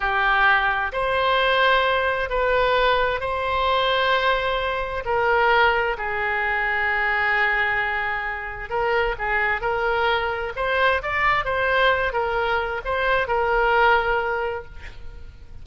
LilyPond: \new Staff \with { instrumentName = "oboe" } { \time 4/4 \tempo 4 = 131 g'2 c''2~ | c''4 b'2 c''4~ | c''2. ais'4~ | ais'4 gis'2.~ |
gis'2. ais'4 | gis'4 ais'2 c''4 | d''4 c''4. ais'4. | c''4 ais'2. | }